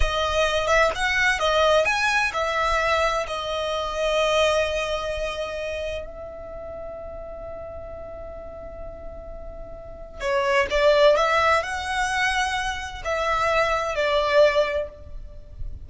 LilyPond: \new Staff \with { instrumentName = "violin" } { \time 4/4 \tempo 4 = 129 dis''4. e''8 fis''4 dis''4 | gis''4 e''2 dis''4~ | dis''1~ | dis''4 e''2.~ |
e''1~ | e''2 cis''4 d''4 | e''4 fis''2. | e''2 d''2 | }